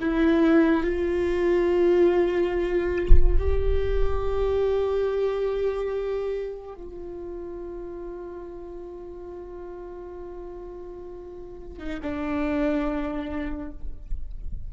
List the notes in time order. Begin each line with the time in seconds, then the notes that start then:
0.00 E4
0.84 F4
3.38 G4
6.75 F4
11.79 D#4
12.03 D4